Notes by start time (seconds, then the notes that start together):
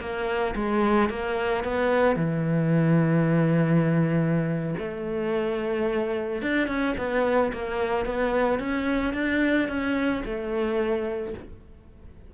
0.00 A#3
0.55 G#3
1.10 A#3
1.64 B3
2.16 E3
4.79 A3
6.42 D4
6.68 C#4
6.98 B3
7.53 A#3
8.06 B3
8.59 C#4
9.14 D4
9.68 C#4
10.25 A3